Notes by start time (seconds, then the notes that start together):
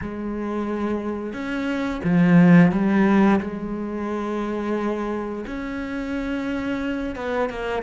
0.01 G#3
1.33 C#4
2.04 F3
2.71 G3
3.40 G#3
5.46 C#4
7.15 B3
7.49 A#3